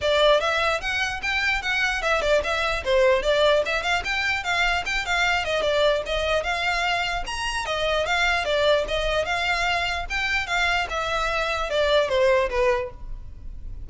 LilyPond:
\new Staff \with { instrumentName = "violin" } { \time 4/4 \tempo 4 = 149 d''4 e''4 fis''4 g''4 | fis''4 e''8 d''8 e''4 c''4 | d''4 e''8 f''8 g''4 f''4 | g''8 f''4 dis''8 d''4 dis''4 |
f''2 ais''4 dis''4 | f''4 d''4 dis''4 f''4~ | f''4 g''4 f''4 e''4~ | e''4 d''4 c''4 b'4 | }